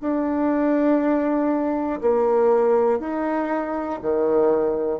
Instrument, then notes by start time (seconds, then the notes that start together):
bassoon
0.00 D4
2.01 A#3
3.00 D#4
4.02 D#3